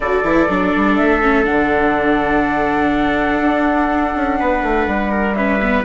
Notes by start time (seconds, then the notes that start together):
0.00 D3 F#4 A4 D5
0.23 E3 E4
0.48 F#3 D4
0.76 G3
0.95 A3 E5
1.22 C#4
1.44 D3 D4 F#5
3.40 D4
4.15 C#4
4.39 B3 B4
4.62 A3
4.87 G3
5.11 A#4
5.34 C#4 B4 E5
5.61 B3